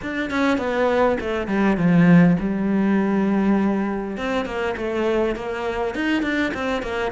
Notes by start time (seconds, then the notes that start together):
0.02 D4
0.30 C#4
0.58 B3
1.20 A3
1.47 G3
1.77 F3
2.39 G3
4.17 C4
4.45 A#3
4.76 A3
5.35 A#3
5.94 D#4
6.22 D4
6.53 C4
6.82 A#3